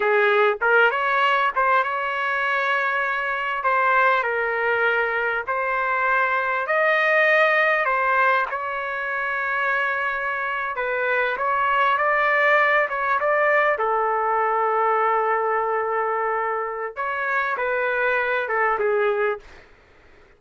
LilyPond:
\new Staff \with { instrumentName = "trumpet" } { \time 4/4 \tempo 4 = 99 gis'4 ais'8 cis''4 c''8 cis''4~ | cis''2 c''4 ais'4~ | ais'4 c''2 dis''4~ | dis''4 c''4 cis''2~ |
cis''4.~ cis''16 b'4 cis''4 d''16~ | d''4~ d''16 cis''8 d''4 a'4~ a'16~ | a'1 | cis''4 b'4. a'8 gis'4 | }